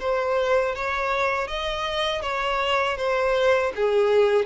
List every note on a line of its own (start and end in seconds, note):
0.00 0.75 C5
0.75 1.48 C#5
1.48 2.22 D#5
2.22 2.97 C#5
2.97 3.72 C5
3.75 4.46 G#4